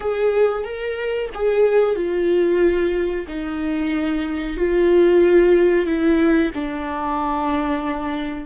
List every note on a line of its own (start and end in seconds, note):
0.00 0.64 G#4
0.64 1.29 A#4
1.34 1.95 G#4
1.95 3.26 F4
3.27 4.56 D#4
4.56 5.86 F4
5.86 6.51 E4
6.54 8.45 D4